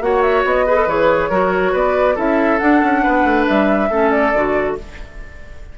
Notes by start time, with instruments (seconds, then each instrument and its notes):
0.00 bassoon A#3, clarinet F#4, oboe C#5, flute F#5
0.22 flute E5
0.44 bassoon B3, flute D#5
0.66 clarinet G#4, oboe B4
0.75 clarinet A4
0.86 bassoon E3, clarinet G#4, flute C#5
1.29 bassoon F#3, clarinet F#4, oboe A#4
1.72 bassoon B3, oboe B4, flute D5
2.15 bassoon C#4, clarinet E4, oboe A4, flute E5
2.58 clarinet D4, bassoon D4, flute F#5
2.82 bassoon C#4
3.03 bassoon B3, oboe B4
3.24 bassoon A3
3.47 bassoon G3, flute E5
3.90 bassoon A3, clarinet C#4, oboe A4
4.10 flute D5
4.34 bassoon D3, clarinet F#4